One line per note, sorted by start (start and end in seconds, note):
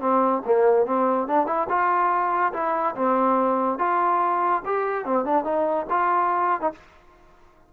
0.00 0.42 C4
0.45 0.86 A#3
0.86 1.27 C4
1.27 1.46 D4
1.46 1.67 E4
1.69 2.53 F4
2.53 2.95 E4
2.95 3.79 C4
3.79 4.62 F4
4.65 5.05 G4
5.05 5.25 C4
5.25 5.44 D4
5.44 5.86 D#4
5.90 6.61 F4
6.61 6.72 D#4